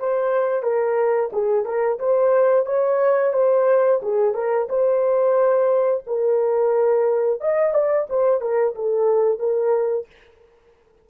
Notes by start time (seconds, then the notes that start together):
0.00 C5
0.63 A#4
1.33 G#4
1.65 A#4
1.99 C5
2.66 C#5
3.33 C5
4.03 G#4
4.35 A#4
4.69 C5
6.07 A#4
7.41 D#5
7.74 D5
8.10 C5
8.41 A#4
8.75 A4
9.40 A#4